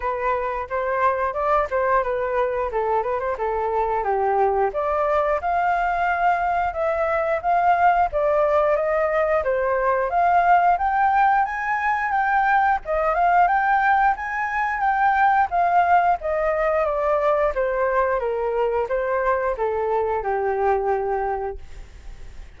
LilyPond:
\new Staff \with { instrumentName = "flute" } { \time 4/4 \tempo 4 = 89 b'4 c''4 d''8 c''8 b'4 | a'8 b'16 c''16 a'4 g'4 d''4 | f''2 e''4 f''4 | d''4 dis''4 c''4 f''4 |
g''4 gis''4 g''4 dis''8 f''8 | g''4 gis''4 g''4 f''4 | dis''4 d''4 c''4 ais'4 | c''4 a'4 g'2 | }